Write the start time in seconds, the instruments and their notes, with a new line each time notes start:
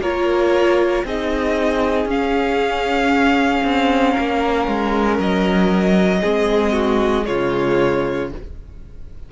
0.00 cello A#3, viola F4, violin A#4 C#5
1.04 cello C4, viola D#4, violin G#4 D#5
2.05 cello C#4, viola C#4, violin F5
3.64 cello C4
4.12 cello A#3, violin A#4
4.67 cello G#3
5.19 cello F#3, violin D#5
6.21 cello G#3, viola C4, violin G#4
6.72 violin F#4
7.24 cello C#3, viola G#3, violin F4 C#5